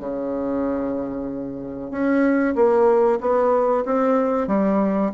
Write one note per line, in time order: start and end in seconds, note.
0.00 1.91 C#3
1.91 2.55 C#4
2.56 3.20 A#3
3.21 3.85 B3
3.86 4.48 C4
4.48 5.12 G3